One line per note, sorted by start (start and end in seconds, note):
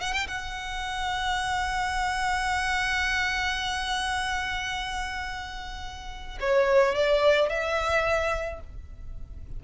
0.00 0.13 F#5
0.13 0.27 G5
0.27 6.38 F#5
6.40 6.95 C#5
6.95 7.49 D5
7.49 8.60 E5